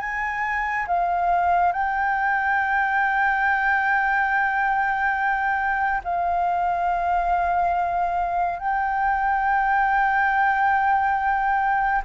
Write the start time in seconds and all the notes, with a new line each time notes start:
0.00 G#5
0.87 F5
1.72 G5
6.04 F5
8.59 G5